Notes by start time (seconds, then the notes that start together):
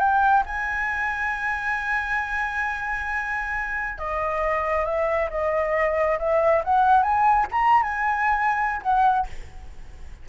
0.00 G5
0.47 G#5
3.99 D#5
4.86 E5
5.31 D#5
6.20 E5
6.65 F#5
7.03 G#5
7.52 A#5
7.83 G#5
8.83 F#5